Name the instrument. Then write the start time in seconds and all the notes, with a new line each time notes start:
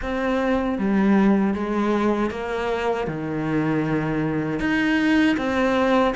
cello
0.02 C4
0.78 G3
1.54 G#3
2.30 A#3
3.07 D#3
4.59 D#4
5.37 C4